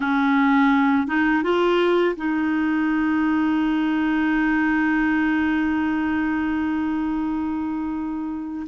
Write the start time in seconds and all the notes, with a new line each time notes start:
0.00 C#4
1.07 D#4
1.43 F4
2.16 D#4